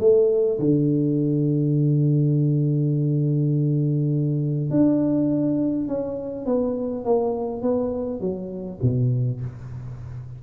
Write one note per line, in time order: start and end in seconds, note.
0.00 0.59 A3
0.59 4.71 D3
4.71 5.88 D4
5.88 6.46 C#4
6.46 7.05 B3
7.05 7.62 A#3
7.62 8.21 B3
8.21 8.79 F#3
8.82 9.41 B2